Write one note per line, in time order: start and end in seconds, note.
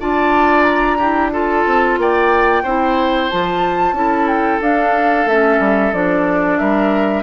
0.00 1.66 D4
0.00 0.99 F4
0.00 0.98 D5
0.00 0.63 A5
0.63 1.29 A#5
0.98 1.32 E4
0.98 1.31 G4
1.32 2.64 F4
1.32 1.99 A4
1.32 2.00 A5
1.66 1.98 C4
1.98 2.64 A#3
1.98 2.63 D5
1.98 3.30 G5
2.63 3.30 C4
2.63 3.32 E4
2.63 3.95 C5
3.30 3.93 F3
3.30 3.95 F4
3.30 4.28 A5
3.93 4.59 C#4
3.93 4.61 E4
3.93 6.60 A4
4.28 4.61 G5
4.62 5.26 D4
4.62 5.28 D4
4.62 5.28 F5
5.26 5.59 A3
5.26 5.94 C#4
5.26 5.94 E5
5.60 5.93 G3
5.94 6.59 F3
5.94 7.24 D4
5.94 6.59 D5
6.59 7.24 G3
6.59 7.24 A#4
6.59 7.24 E5